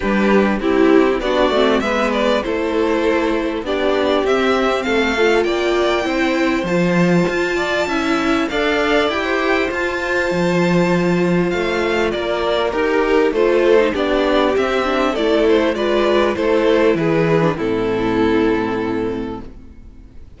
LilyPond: <<
  \new Staff \with { instrumentName = "violin" } { \time 4/4 \tempo 4 = 99 b'4 g'4 d''4 e''8 d''8 | c''2 d''4 e''4 | f''4 g''2 a''4~ | a''2 f''4 g''4 |
a''2. f''4 | d''4 ais'4 c''4 d''4 | e''4 d''8 c''8 d''4 c''4 | b'4 a'2. | }
  \new Staff \with { instrumentName = "violin" } { \time 4/4 g'4 e'4 fis'4 b'4 | a'2 g'2 | a'4 d''4 c''2~ | c''8 d''8 e''4 d''4~ d''16 c''8.~ |
c''1 | ais'2 a'4 g'4~ | g'4 a'4 b'4 a'4 | gis'4 e'2. | }
  \new Staff \with { instrumentName = "viola" } { \time 4/4 d'4 e'4 d'8 c'8 b4 | e'2 d'4 c'4~ | c'8 f'4. e'4 f'4~ | f'4 e'4 a'4 g'4 |
f'1~ | f'4 g'4 f'8. dis'16 d'4 | c'8 d'8 e'4 f'4 e'4~ | e'8. d'16 c'2. | }
  \new Staff \with { instrumentName = "cello" } { \time 4/4 g4 c'4 b8 a8 gis4 | a2 b4 c'4 | a4 ais4 c'4 f4 | f'4 cis'4 d'4 e'4 |
f'4 f2 a4 | ais4 dis'4 a4 b4 | c'4 a4 gis4 a4 | e4 a,2. | }
>>